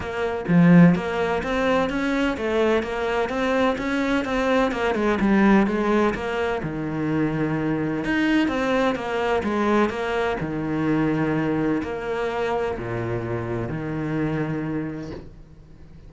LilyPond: \new Staff \with { instrumentName = "cello" } { \time 4/4 \tempo 4 = 127 ais4 f4 ais4 c'4 | cis'4 a4 ais4 c'4 | cis'4 c'4 ais8 gis8 g4 | gis4 ais4 dis2~ |
dis4 dis'4 c'4 ais4 | gis4 ais4 dis2~ | dis4 ais2 ais,4~ | ais,4 dis2. | }